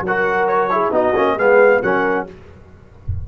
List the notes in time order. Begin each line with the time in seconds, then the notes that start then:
0.00 F#3 F#5
0.06 F#4 A#4
0.47 C#5
0.70 E4 G#4
0.91 B3 D#4 F#4 D#5
1.16 A#3 C#4
1.35 G#3 B3 G#4 F5
1.82 F#3 C#4 A#4 F#5